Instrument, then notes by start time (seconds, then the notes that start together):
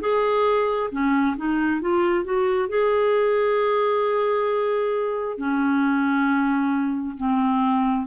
clarinet
0.00 G#4
0.91 C#4
1.36 D#4
1.81 F4
2.24 F#4
2.69 G#4
5.37 C#4
7.17 C4